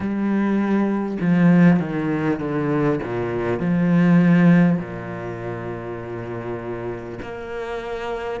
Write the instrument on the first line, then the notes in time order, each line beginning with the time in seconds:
cello
0.00 G3
1.20 F3
1.79 D#3
2.39 D3
3.03 A#2
3.59 F3
4.78 A#2
7.22 A#3